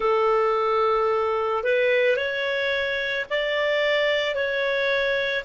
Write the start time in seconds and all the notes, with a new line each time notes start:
0.00 A4
1.63 B4
2.16 C#5
3.30 D5
4.35 C#5